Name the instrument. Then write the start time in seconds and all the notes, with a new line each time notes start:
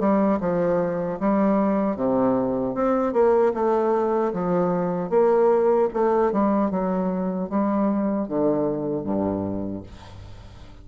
bassoon
0.00 G3
0.41 F3
1.20 G3
1.97 C3
2.75 C4
3.14 A#3
3.54 A3
4.33 F3
5.10 A#3
5.94 A3
6.33 G3
6.71 F#3
7.50 G3
8.29 D3
9.04 G2